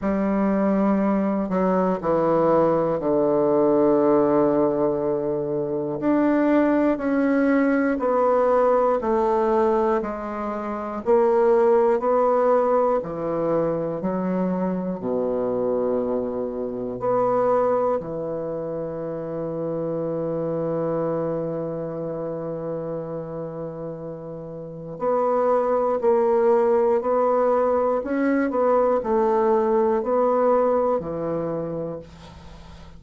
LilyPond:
\new Staff \with { instrumentName = "bassoon" } { \time 4/4 \tempo 4 = 60 g4. fis8 e4 d4~ | d2 d'4 cis'4 | b4 a4 gis4 ais4 | b4 e4 fis4 b,4~ |
b,4 b4 e2~ | e1~ | e4 b4 ais4 b4 | cis'8 b8 a4 b4 e4 | }